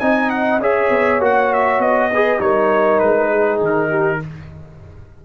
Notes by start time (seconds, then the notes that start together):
0.00 C4 D#4 D#5 G#5
0.30 F#5
0.58 C#4 G#4 C#5 E5
0.90 B3
1.19 A#3 F#4 F#5
1.53 E5
1.79 B3 D#5
2.12 G#4 B4
2.40 G3 D#4 A#4 C#5
2.99 G#3 B4
3.30 G#4
3.60 D#3 A#4
3.89 G4